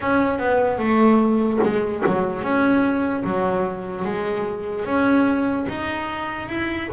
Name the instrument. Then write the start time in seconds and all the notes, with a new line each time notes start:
double bass
0.00 C#4
0.38 B3
0.78 A3
1.63 G#3
2.06 F#3
2.42 C#4
3.24 F#3
4.05 G#3
4.85 C#4
5.68 D#4
6.48 E4